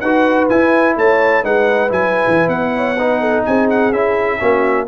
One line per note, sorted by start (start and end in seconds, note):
0.00 0.48 D#4
0.00 0.50 F#4
0.00 0.95 B4
0.00 0.47 F#5
0.49 0.96 E4
0.49 1.44 E4
0.49 0.96 G#5
0.96 1.44 A3
0.96 1.43 C#5
0.96 1.44 A5
1.43 1.90 G#3
1.43 1.89 D#4
1.43 2.73 B4
1.43 1.92 F#5
1.89 2.26 F#3
1.89 2.95 E4
1.89 2.49 G#5
2.27 2.47 E3
2.47 3.42 B3
2.47 3.43 F#5
2.76 2.98 C#5
2.98 3.93 D#4
2.98 3.20 B4
3.20 3.44 A4
3.45 3.91 C4
3.45 4.38 G#4
3.45 3.68 G#5
3.69 3.92 F#5
3.91 4.39 C#4
3.91 4.39 E4
3.91 4.87 E5
4.38 4.88 A#3
4.38 4.86 C#4
4.38 4.86 F#4